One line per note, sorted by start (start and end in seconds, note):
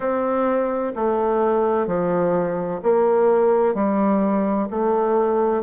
0.00 0.92 C4
0.95 1.87 A3
1.87 2.80 F3
2.83 3.74 A#3
3.74 4.67 G3
4.70 5.63 A3